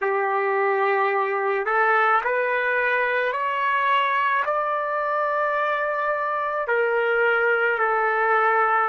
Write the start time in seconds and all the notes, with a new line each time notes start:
0.01 G4
1.65 A4
2.24 B4
3.32 C#5
4.45 D5
6.67 A#4
7.78 A4